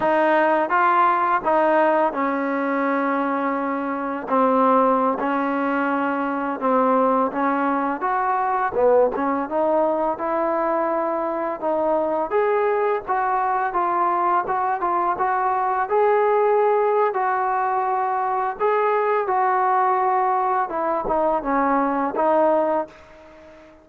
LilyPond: \new Staff \with { instrumentName = "trombone" } { \time 4/4 \tempo 4 = 84 dis'4 f'4 dis'4 cis'4~ | cis'2 c'4~ c'16 cis'8.~ | cis'4~ cis'16 c'4 cis'4 fis'8.~ | fis'16 b8 cis'8 dis'4 e'4.~ e'16~ |
e'16 dis'4 gis'4 fis'4 f'8.~ | f'16 fis'8 f'8 fis'4 gis'4.~ gis'16 | fis'2 gis'4 fis'4~ | fis'4 e'8 dis'8 cis'4 dis'4 | }